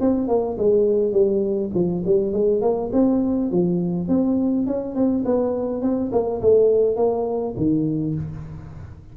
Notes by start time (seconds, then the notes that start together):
0.00 C4
0.28 A#3
0.58 G#3
1.12 G3
1.74 F3
2.05 G3
2.32 G#3
2.61 A#3
2.93 C4
3.51 F3
4.08 C4
4.67 C#4
4.95 C4
5.25 B3
5.82 C4
6.12 A#3
6.41 A3
6.96 A#3
7.56 D#3